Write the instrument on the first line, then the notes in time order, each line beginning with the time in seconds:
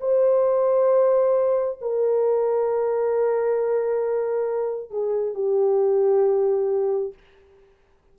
horn
0.00 C5
1.81 A#4
4.90 G#4
5.34 G4